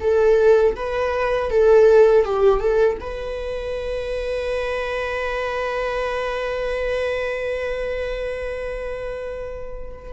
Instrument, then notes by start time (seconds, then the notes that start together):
viola
0.00 A4
0.75 B4
1.50 A4
2.24 G4
2.60 A4
3.00 B4